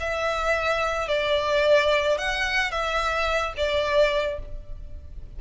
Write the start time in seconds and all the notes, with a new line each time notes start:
0.00 E5
1.08 D5
2.18 F#5
2.71 E5
3.57 D5